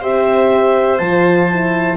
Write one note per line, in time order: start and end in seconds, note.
0.00 0.99 C4
0.00 1.00 G4
0.00 1.97 C5
0.00 0.98 E5
0.98 1.97 F3
0.98 1.49 F4
0.98 1.96 A5
1.50 1.97 E4